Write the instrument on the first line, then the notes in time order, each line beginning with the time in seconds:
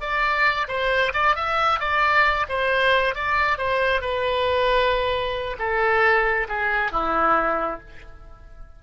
oboe
0.00 D5
0.67 C5
1.13 D5
1.35 E5
1.79 D5
2.48 C5
3.14 D5
3.58 C5
4.01 B4
5.58 A4
6.48 G#4
6.91 E4